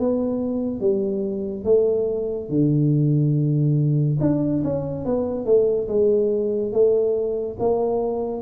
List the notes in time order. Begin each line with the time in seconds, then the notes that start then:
0.00 B3
0.81 G3
1.65 A3
2.49 D3
4.21 D4
4.64 C#4
5.05 B3
5.46 A3
5.88 G#3
6.73 A3
7.59 A#3